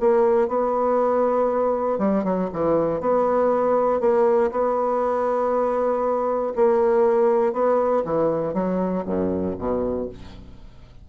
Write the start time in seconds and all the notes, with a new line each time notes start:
0.00 A#3
0.48 B3
1.99 G3
2.24 F#3
2.53 E3
3.00 B3
4.00 A#3
4.51 B3
6.55 A#3
7.53 B3
8.05 E3
8.54 F#3
9.05 F#2
9.58 B2